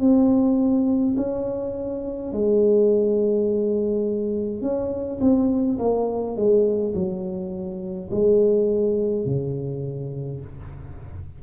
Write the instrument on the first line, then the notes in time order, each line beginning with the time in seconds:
tuba
0.00 C4
1.16 C#4
2.32 G#3
4.62 C#4
5.20 C4
5.78 A#3
6.36 G#3
6.94 F#3
8.11 G#3
9.25 C#3